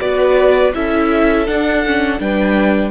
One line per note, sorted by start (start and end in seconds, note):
0.00 0.74 B3
0.00 0.73 F#4
0.00 0.75 B4
0.00 0.73 D5
0.74 1.48 C#4
0.74 1.47 E4
0.74 2.21 A4
0.74 1.47 E5
1.47 1.84 D4
1.47 2.20 D4
1.47 2.20 F#5
1.86 2.19 C#4
2.19 2.91 G3
2.19 2.91 D4
2.19 2.91 B4
2.19 2.91 G5